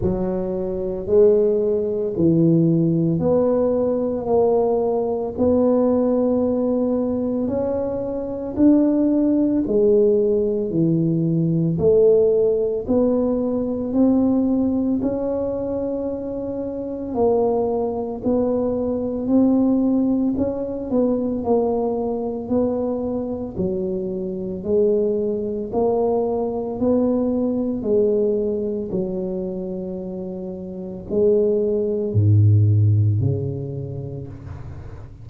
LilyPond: \new Staff \with { instrumentName = "tuba" } { \time 4/4 \tempo 4 = 56 fis4 gis4 e4 b4 | ais4 b2 cis'4 | d'4 gis4 e4 a4 | b4 c'4 cis'2 |
ais4 b4 c'4 cis'8 b8 | ais4 b4 fis4 gis4 | ais4 b4 gis4 fis4~ | fis4 gis4 gis,4 cis4 | }